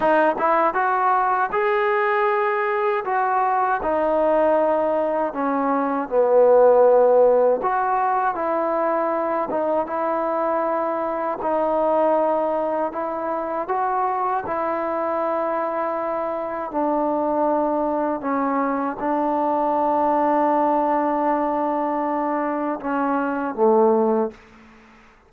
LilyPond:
\new Staff \with { instrumentName = "trombone" } { \time 4/4 \tempo 4 = 79 dis'8 e'8 fis'4 gis'2 | fis'4 dis'2 cis'4 | b2 fis'4 e'4~ | e'8 dis'8 e'2 dis'4~ |
dis'4 e'4 fis'4 e'4~ | e'2 d'2 | cis'4 d'2.~ | d'2 cis'4 a4 | }